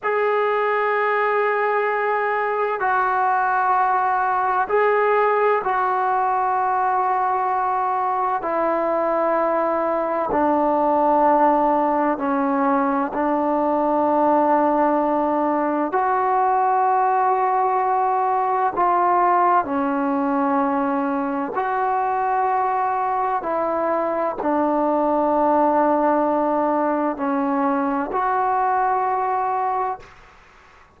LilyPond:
\new Staff \with { instrumentName = "trombone" } { \time 4/4 \tempo 4 = 64 gis'2. fis'4~ | fis'4 gis'4 fis'2~ | fis'4 e'2 d'4~ | d'4 cis'4 d'2~ |
d'4 fis'2. | f'4 cis'2 fis'4~ | fis'4 e'4 d'2~ | d'4 cis'4 fis'2 | }